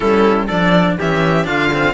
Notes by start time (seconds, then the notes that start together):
0.00 G3 C#4 E4 A4
0.47 F3 D4 A4 D5
0.99 E3 C#4 G4 E5
1.44 D3 D4 F4 F5
1.73 C4